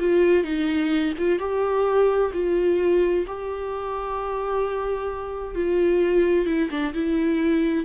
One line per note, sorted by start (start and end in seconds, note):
0.00 0.44 F4
0.44 1.13 D#4
1.18 1.39 F4
1.39 2.31 G4
2.33 3.26 F4
3.27 5.55 G4
5.55 6.46 F4
6.46 6.69 E4
6.70 6.94 D4
6.94 7.85 E4